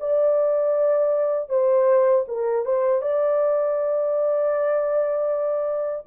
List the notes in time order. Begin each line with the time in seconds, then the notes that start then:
0.00 D5
1.49 C5
2.28 A#4
2.65 C5
3.02 D5